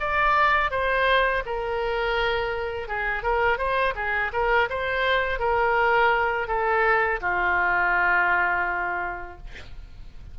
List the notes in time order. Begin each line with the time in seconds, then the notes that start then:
0.00 D5
0.71 C5
1.46 A#4
2.88 G#4
3.23 A#4
3.58 C5
3.96 G#4
4.33 A#4
4.70 C5
5.40 A#4
6.48 A4
7.21 F4